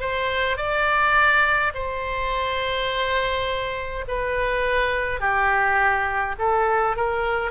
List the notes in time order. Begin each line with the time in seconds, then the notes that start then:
0.00 C5
0.57 D5
1.74 C5
4.08 B4
5.20 G4
6.39 A4
6.97 A#4